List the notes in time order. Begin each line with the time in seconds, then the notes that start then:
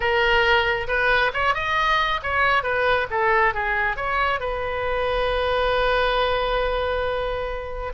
0.00 A#4
0.87 B4
1.33 C#5
1.54 D#5
2.22 C#5
2.63 B4
3.10 A4
3.54 G#4
3.96 C#5
4.40 B4